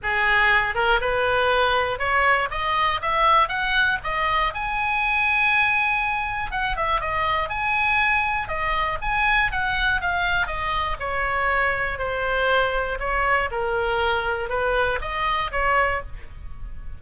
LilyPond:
\new Staff \with { instrumentName = "oboe" } { \time 4/4 \tempo 4 = 120 gis'4. ais'8 b'2 | cis''4 dis''4 e''4 fis''4 | dis''4 gis''2.~ | gis''4 fis''8 e''8 dis''4 gis''4~ |
gis''4 dis''4 gis''4 fis''4 | f''4 dis''4 cis''2 | c''2 cis''4 ais'4~ | ais'4 b'4 dis''4 cis''4 | }